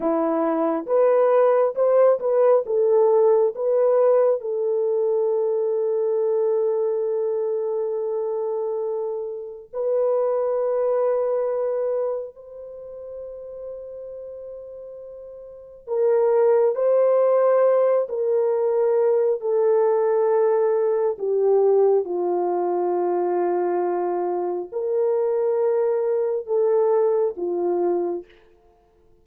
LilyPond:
\new Staff \with { instrumentName = "horn" } { \time 4/4 \tempo 4 = 68 e'4 b'4 c''8 b'8 a'4 | b'4 a'2.~ | a'2. b'4~ | b'2 c''2~ |
c''2 ais'4 c''4~ | c''8 ais'4. a'2 | g'4 f'2. | ais'2 a'4 f'4 | }